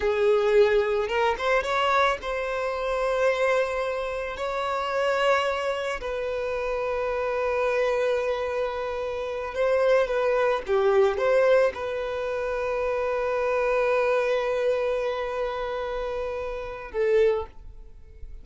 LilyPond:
\new Staff \with { instrumentName = "violin" } { \time 4/4 \tempo 4 = 110 gis'2 ais'8 c''8 cis''4 | c''1 | cis''2. b'4~ | b'1~ |
b'4. c''4 b'4 g'8~ | g'8 c''4 b'2~ b'8~ | b'1~ | b'2. a'4 | }